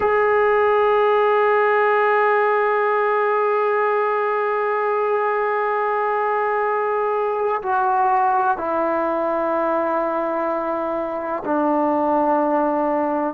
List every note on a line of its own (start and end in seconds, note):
0.00 7.62 G#4
7.62 8.57 F#4
8.57 11.43 E4
11.44 13.34 D4